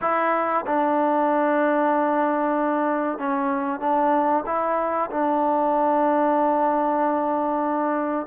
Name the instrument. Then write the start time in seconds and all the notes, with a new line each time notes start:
trombone
0.01 E4
0.66 D4
3.18 C#4
3.80 D4
4.46 E4
5.10 D4